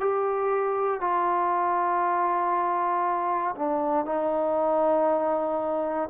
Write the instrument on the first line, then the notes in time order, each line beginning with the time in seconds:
trombone
0.00 G4
1.00 F4
3.55 D4
4.05 D#4